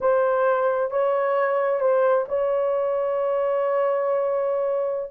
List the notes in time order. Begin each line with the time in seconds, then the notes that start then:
0.00 C5
0.90 C#5
1.80 C5
2.28 C#5